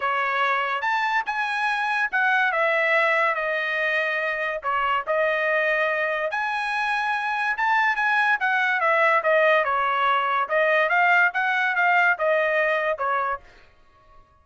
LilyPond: \new Staff \with { instrumentName = "trumpet" } { \time 4/4 \tempo 4 = 143 cis''2 a''4 gis''4~ | gis''4 fis''4 e''2 | dis''2. cis''4 | dis''2. gis''4~ |
gis''2 a''4 gis''4 | fis''4 e''4 dis''4 cis''4~ | cis''4 dis''4 f''4 fis''4 | f''4 dis''2 cis''4 | }